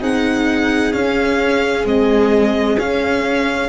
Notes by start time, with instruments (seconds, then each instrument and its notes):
0.00 tuba C4, cello D#4, viola G#4, violin F#5
0.93 cello C#4, tuba C#4, violin F5
1.85 cello G#3, tuba C4, violin D#5
2.78 tuba C#4, cello C#4, violin F5